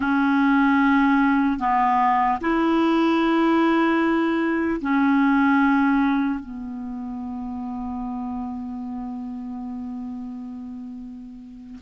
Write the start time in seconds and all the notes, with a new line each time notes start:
0.00 C#4
1.59 B3
2.40 E4
4.81 C#4
6.39 B3